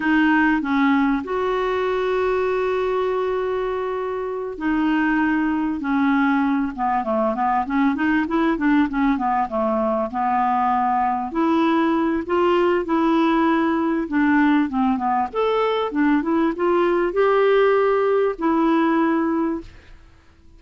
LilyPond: \new Staff \with { instrumentName = "clarinet" } { \time 4/4 \tempo 4 = 98 dis'4 cis'4 fis'2~ | fis'2.~ fis'8 dis'8~ | dis'4. cis'4. b8 a8 | b8 cis'8 dis'8 e'8 d'8 cis'8 b8 a8~ |
a8 b2 e'4. | f'4 e'2 d'4 | c'8 b8 a'4 d'8 e'8 f'4 | g'2 e'2 | }